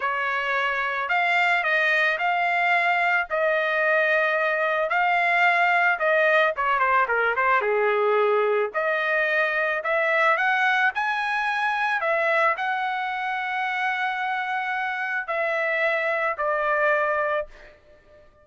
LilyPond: \new Staff \with { instrumentName = "trumpet" } { \time 4/4 \tempo 4 = 110 cis''2 f''4 dis''4 | f''2 dis''2~ | dis''4 f''2 dis''4 | cis''8 c''8 ais'8 c''8 gis'2 |
dis''2 e''4 fis''4 | gis''2 e''4 fis''4~ | fis''1 | e''2 d''2 | }